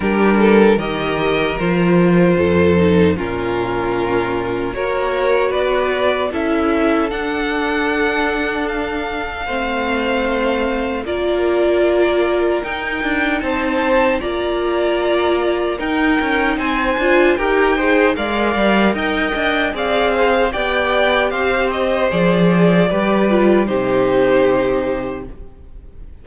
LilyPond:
<<
  \new Staff \with { instrumentName = "violin" } { \time 4/4 \tempo 4 = 76 ais'4 dis''4 c''2 | ais'2 cis''4 d''4 | e''4 fis''2 f''4~ | f''2 d''2 |
g''4 a''4 ais''2 | g''4 gis''4 g''4 f''4 | g''4 f''4 g''4 f''8 dis''8 | d''2 c''2 | }
  \new Staff \with { instrumentName = "violin" } { \time 4/4 g'8 a'8 ais'2 a'4 | f'2 ais'4 b'4 | a'1 | c''2 ais'2~ |
ais'4 c''4 d''2 | ais'4 c''4 ais'8 c''8 d''4 | dis''4 d''8 c''8 d''4 c''4~ | c''4 b'4 g'2 | }
  \new Staff \with { instrumentName = "viola" } { \time 4/4 d'4 g'4 f'4. dis'8 | cis'2 fis'2 | e'4 d'2. | c'2 f'2 |
dis'2 f'2 | dis'4. f'8 g'8 gis'8 ais'4~ | ais'4 gis'4 g'2 | gis'4 g'8 f'8 dis'2 | }
  \new Staff \with { instrumentName = "cello" } { \time 4/4 g4 dis4 f4 f,4 | ais,2 ais4 b4 | cis'4 d'2. | a2 ais2 |
dis'8 d'8 c'4 ais2 | dis'8 cis'8 c'8 d'8 dis'4 gis8 g8 | dis'8 d'8 c'4 b4 c'4 | f4 g4 c2 | }
>>